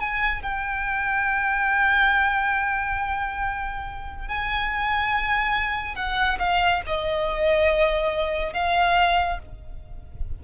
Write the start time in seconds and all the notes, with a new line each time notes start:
0.00 G#5
0.43 G5
4.28 G#5
5.96 F#5
6.39 F5
6.87 D#5
8.54 F5